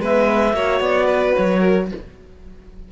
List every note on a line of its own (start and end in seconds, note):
0.00 0.54 G#3
0.00 0.54 B3
0.00 0.55 B4
0.00 0.82 E5
0.54 0.80 A#3
0.54 1.88 F#4
0.54 1.06 C#5
0.80 1.34 B3
0.80 1.34 D5
1.06 1.60 B4
1.34 1.92 F#3
1.34 1.88 C#5
1.60 1.87 A#4